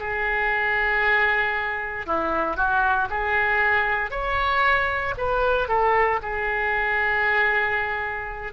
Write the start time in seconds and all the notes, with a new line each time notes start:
0.00 G#4
2.06 E4
2.57 F#4
3.10 G#4
4.11 C#5
5.18 B4
5.68 A4
6.23 G#4